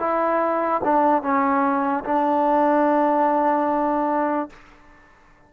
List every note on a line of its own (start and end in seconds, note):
0.00 0.82 E4
0.84 1.23 D4
1.23 2.04 C#4
2.05 4.50 D4